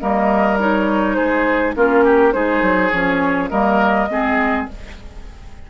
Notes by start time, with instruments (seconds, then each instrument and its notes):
0.00 bassoon G3, clarinet A#3, oboe A#4, flute D#5
0.59 clarinet D#4, flute C#5
1.15 bassoon G#3, oboe G#4, flute C5
1.76 bassoon A#3, clarinet C#4, oboe F4, flute A#4
2.05 oboe G4
2.33 bassoon G#3, clarinet D#4, oboe G#4, flute C5
2.62 bassoon F#3
2.91 bassoon F3, clarinet C#4, flute C#5
3.50 bassoon G3, clarinet A#3, oboe A#4, flute D#5
4.09 bassoon G#3, clarinet C4, oboe G#4